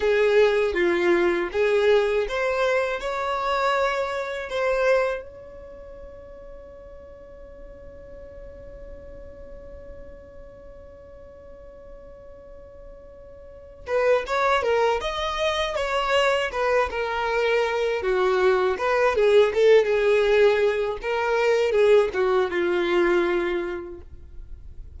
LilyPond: \new Staff \with { instrumentName = "violin" } { \time 4/4 \tempo 4 = 80 gis'4 f'4 gis'4 c''4 | cis''2 c''4 cis''4~ | cis''1~ | cis''1~ |
cis''2~ cis''8 b'8 cis''8 ais'8 | dis''4 cis''4 b'8 ais'4. | fis'4 b'8 gis'8 a'8 gis'4. | ais'4 gis'8 fis'8 f'2 | }